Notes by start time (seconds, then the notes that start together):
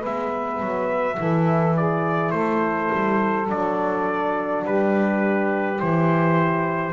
0.00 G#3 B3 B4 E5
0.61 F#3
1.17 E3 E4 A4
1.76 G#4 D5
2.31 A3 A4 C5
2.93 G3
3.47 F#3 D4 D5
4.65 G3 G4 B4
5.79 E3 E4 C5